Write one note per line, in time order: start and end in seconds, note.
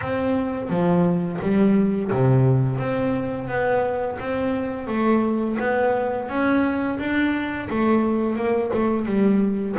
0.01 0.69 C4
0.69 1.39 F3
1.41 2.11 G3
2.11 2.78 C3
2.78 3.48 C4
3.48 4.17 B3
4.19 4.87 C4
4.87 5.57 A3
5.59 6.28 B3
6.28 6.98 C#4
6.98 7.68 D4
7.69 8.36 A3
8.36 8.71 A#3
8.73 9.05 A3
9.05 9.75 G3